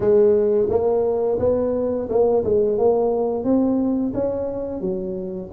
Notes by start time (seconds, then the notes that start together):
0.00 G#3
0.69 A#3
1.39 B3
2.09 A#3
2.44 G#3
2.78 A#3
3.44 C4
4.13 C#4
4.80 F#3